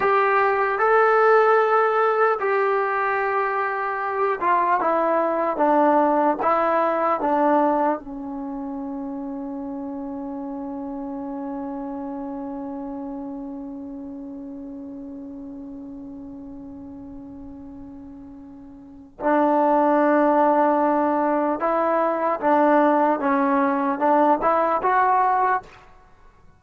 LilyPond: \new Staff \with { instrumentName = "trombone" } { \time 4/4 \tempo 4 = 75 g'4 a'2 g'4~ | g'4. f'8 e'4 d'4 | e'4 d'4 cis'2~ | cis'1~ |
cis'1~ | cis'1 | d'2. e'4 | d'4 cis'4 d'8 e'8 fis'4 | }